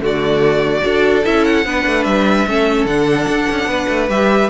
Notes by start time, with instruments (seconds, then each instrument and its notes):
0.00 cello D3, viola A3, violin F#4 D5
0.81 cello D4, viola F#4, violin A4
1.25 cello C#4, viola E4, violin E5
1.44 violin F#5
1.65 cello B3, viola D4, violin B4
1.86 cello A3
2.04 cello G3, violin E5
2.47 cello A3, viola C#4, violin A4
2.85 cello D3, viola D4, violin F#5
3.28 cello D4
3.51 cello C#4
3.66 cello B3, violin B4
3.88 cello A3
4.09 cello G3, viola G4, violin E5